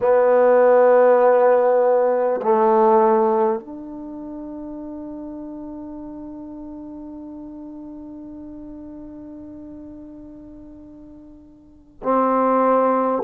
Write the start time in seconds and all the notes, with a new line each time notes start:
0.00 B3
2.42 A3
3.60 D4
12.03 C4